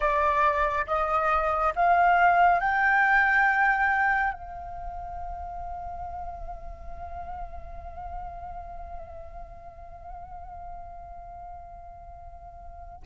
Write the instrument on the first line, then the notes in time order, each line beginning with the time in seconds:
flute
0.00 D5
0.87 D#5
1.75 F5
2.60 G5
4.33 F5